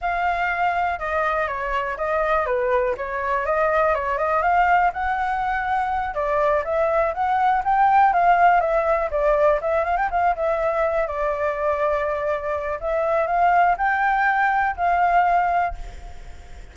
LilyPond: \new Staff \with { instrumentName = "flute" } { \time 4/4 \tempo 4 = 122 f''2 dis''4 cis''4 | dis''4 b'4 cis''4 dis''4 | cis''8 dis''8 f''4 fis''2~ | fis''8 d''4 e''4 fis''4 g''8~ |
g''8 f''4 e''4 d''4 e''8 | f''16 g''16 f''8 e''4. d''4.~ | d''2 e''4 f''4 | g''2 f''2 | }